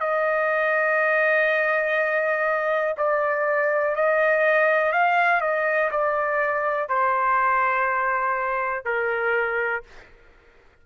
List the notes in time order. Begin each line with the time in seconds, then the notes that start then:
0.00 D#5
2.97 D5
3.95 D#5
4.92 F5
5.41 D#5
5.91 D5
6.89 C5
8.84 A#4